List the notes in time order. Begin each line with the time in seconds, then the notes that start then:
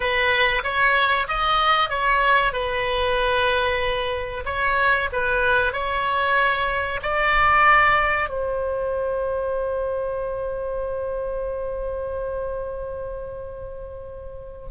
0.00 B4
0.63 C#5
1.28 D#5
1.89 C#5
2.52 B4
4.45 C#5
5.12 B4
5.72 C#5
7.02 D5
8.29 C5